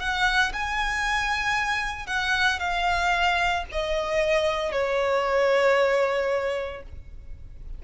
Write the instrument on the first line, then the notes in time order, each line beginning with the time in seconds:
violin
0.00 F#5
0.53 G#5
2.07 F#5
2.60 F5
3.72 D#5
4.72 C#5